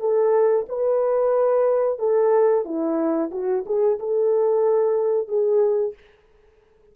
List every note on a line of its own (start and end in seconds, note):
0.00 0.66 A4
0.68 1.98 B4
1.98 2.64 A4
2.64 3.30 E4
3.31 3.64 F#4
3.66 3.99 G#4
3.99 5.28 A4
5.28 5.94 G#4